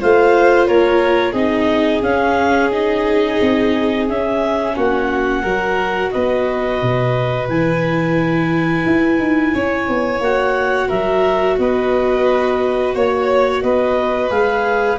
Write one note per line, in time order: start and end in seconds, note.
0.00 0.68 A3
0.00 1.34 F4
0.00 0.67 C5
0.00 0.66 F5
0.66 1.33 A#3
0.66 1.31 A#4
0.66 1.33 C#5
1.31 2.01 C4
1.31 2.02 D#4
1.31 4.72 G#4
1.31 2.01 D#5
2.02 3.39 C#4
2.02 2.71 C#4
2.02 2.70 F5
2.71 4.08 D#4
2.71 4.07 D#5
3.41 4.09 C4
4.08 4.76 C#4
4.08 5.45 C#4
4.08 4.76 E5
4.76 5.43 A#3
4.76 5.42 F#4
4.76 6.11 F#5
5.42 6.11 F#3
5.42 7.49 F#4
5.42 6.10 A#4
6.11 6.81 B3
6.11 9.54 B4
6.11 7.47 D#5
6.81 7.48 B2
7.48 8.85 E3
7.48 10.22 E4
7.48 10.21 G#5
8.85 9.18 E4
9.18 9.53 D#4
9.54 9.88 C#4
9.54 10.87 C#5
9.88 10.19 B3
10.19 10.88 A#3
10.19 14.30 F#4
10.19 10.89 F#5
10.87 11.58 F#3
10.87 11.56 A#4
10.87 11.57 E5
11.58 12.94 B3
11.58 12.94 B4
11.58 12.94 D#5
12.94 13.62 A#3
12.94 13.63 C#5
12.94 13.62 C#5
13.62 14.30 B3
13.62 14.98 B4
13.62 14.30 D#5
14.30 14.98 G#3
14.30 14.98 G#4
14.30 14.98 F5